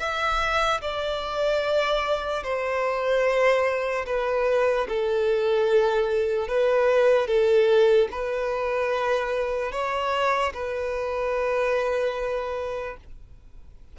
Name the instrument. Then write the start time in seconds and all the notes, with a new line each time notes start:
violin
0.00 E5
0.81 D5
2.44 C5
4.06 B4
4.89 A4
6.48 B4
7.28 A4
8.12 B4
9.72 C#5
10.54 B4